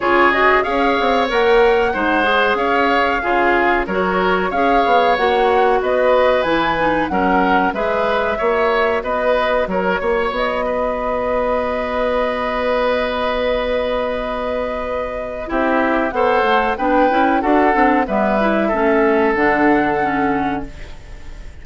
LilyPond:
<<
  \new Staff \with { instrumentName = "flute" } { \time 4/4 \tempo 4 = 93 cis''8 dis''8 f''4 fis''2 | f''2 cis''4 f''4 | fis''4 dis''4 gis''4 fis''4 | e''2 dis''4 cis''4 |
dis''1~ | dis''1 | e''4 fis''4 g''4 fis''4 | e''2 fis''2 | }
  \new Staff \with { instrumentName = "oboe" } { \time 4/4 gis'4 cis''2 c''4 | cis''4 gis'4 ais'4 cis''4~ | cis''4 b'2 ais'4 | b'4 cis''4 b'4 ais'8 cis''8~ |
cis''8 b'2.~ b'8~ | b'1 | g'4 c''4 b'4 a'4 | b'4 a'2. | }
  \new Staff \with { instrumentName = "clarinet" } { \time 4/4 f'8 fis'8 gis'4 ais'4 dis'8 gis'8~ | gis'4 f'4 fis'4 gis'4 | fis'2 e'8 dis'8 cis'4 | gis'4 fis'2.~ |
fis'1~ | fis'1 | e'4 a'4 d'8 e'8 fis'8 d'8 | b8 e'8 cis'4 d'4 cis'4 | }
  \new Staff \with { instrumentName = "bassoon" } { \time 4/4 cis4 cis'8 c'8 ais4 gis4 | cis'4 cis4 fis4 cis'8 b8 | ais4 b4 e4 fis4 | gis4 ais4 b4 fis8 ais8 |
b1~ | b1 | c'4 b8 a8 b8 cis'8 d'8 c'8 | g4 a4 d2 | }
>>